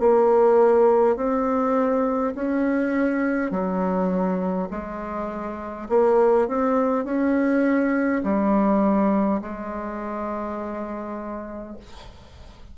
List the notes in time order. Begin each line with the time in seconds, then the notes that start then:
0.00 A#3
1.17 C4
2.35 C#4
3.51 F#3
4.71 G#3
5.89 A#3
6.48 C4
7.05 C#4
8.24 G3
9.42 G#3